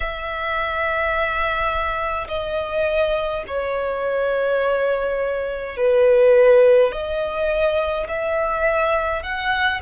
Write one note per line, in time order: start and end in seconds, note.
0.00 2.27 E5
2.28 3.43 D#5
3.47 5.76 C#5
5.76 6.92 B4
6.92 8.07 D#5
8.08 9.23 E5
9.23 9.80 F#5